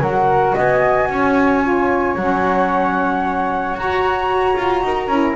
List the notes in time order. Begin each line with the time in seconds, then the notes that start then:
0.00 F#3 F#4 A#4 F#5
0.54 B3 D#5 G#5
1.09 C#4 C#5
1.62 F4
2.15 F#3 C#4 F#5
3.74 F#4 A#5
4.56 F4
4.83 D#4 A#4
5.07 C#4 E4